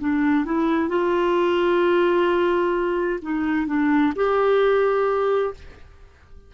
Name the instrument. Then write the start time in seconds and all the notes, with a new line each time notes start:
clarinet
0.00 D4
0.46 E4
0.89 F4
3.22 D#4
3.67 D4
4.16 G4